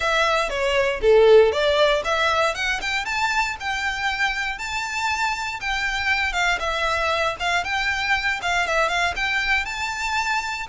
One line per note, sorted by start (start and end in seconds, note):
0.00 0.49 E5
0.49 1.00 C#5
1.01 1.52 A4
1.52 2.02 D5
2.04 2.54 E5
2.54 2.80 F#5
2.81 3.05 G5
3.05 3.56 A5
3.60 4.58 G5
4.58 5.60 A5
5.60 6.33 G5
6.33 6.58 F5
6.59 7.36 E5
7.39 7.64 F5
7.64 8.40 G5
8.42 8.66 F5
8.66 8.88 E5
8.88 9.14 F5
9.15 9.65 G5
9.65 10.66 A5